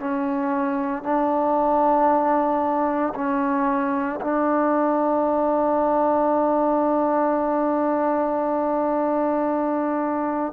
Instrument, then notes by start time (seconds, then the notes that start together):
trombone
0.00 C#4
1.03 D4
3.15 C#4
4.21 D4